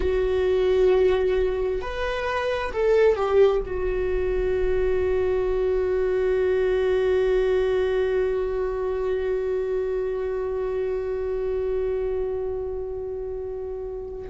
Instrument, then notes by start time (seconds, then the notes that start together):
viola
0.00 F#4
1.81 B4
2.73 A4
3.15 G4
3.65 F#4